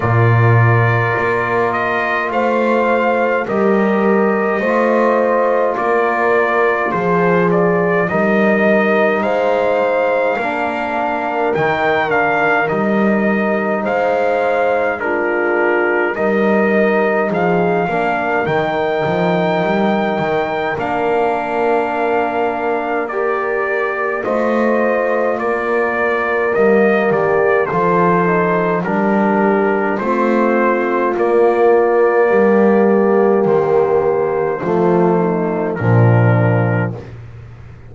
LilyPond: <<
  \new Staff \with { instrumentName = "trumpet" } { \time 4/4 \tempo 4 = 52 d''4. dis''8 f''4 dis''4~ | dis''4 d''4 c''8 d''8 dis''4 | f''2 g''8 f''8 dis''4 | f''4 ais'4 dis''4 f''4 |
g''2 f''2 | d''4 dis''4 d''4 dis''8 d''8 | c''4 ais'4 c''4 d''4~ | d''4 c''2 ais'4 | }
  \new Staff \with { instrumentName = "horn" } { \time 4/4 ais'2 c''4 ais'4 | c''4 ais'4 gis'4 ais'4 | c''4 ais'2. | c''4 f'4 ais'4 gis'8 ais'8~ |
ais'1~ | ais'4 c''4 ais'4. g'8 | a'4 g'4 f'2 | g'2 f'8 dis'8 d'4 | }
  \new Staff \with { instrumentName = "trombone" } { \time 4/4 f'2. g'4 | f'2. dis'4~ | dis'4 d'4 dis'8 d'8 dis'4~ | dis'4 d'4 dis'4. d'8 |
dis'2 d'2 | g'4 f'2 ais4 | f'8 dis'8 d'4 c'4 ais4~ | ais2 a4 f4 | }
  \new Staff \with { instrumentName = "double bass" } { \time 4/4 ais,4 ais4 a4 g4 | a4 ais4 f4 g4 | gis4 ais4 dis4 g4 | gis2 g4 f8 ais8 |
dis8 f8 g8 dis8 ais2~ | ais4 a4 ais4 g8 dis8 | f4 g4 a4 ais4 | g4 dis4 f4 ais,4 | }
>>